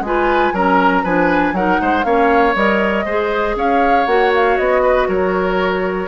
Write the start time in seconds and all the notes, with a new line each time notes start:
0.00 G#3 F4 G#5
0.06 B4
0.53 F#3 C#4 A#4 A#5
1.03 F3 D4 B4 G#5
1.52 F#3 D#4 A#4 F#5
1.81 G#3 C5
2.03 A#3 C#4 C#5 F5
2.55 G3 A#4 D#5
3.05 G#3 G#4 C5
3.55 C#4 C#5 F5
4.06 A#3 F#4 F#5
4.35 F5
4.57 B3 D#5
4.82 B4
5.08 F#3 A#4 C#5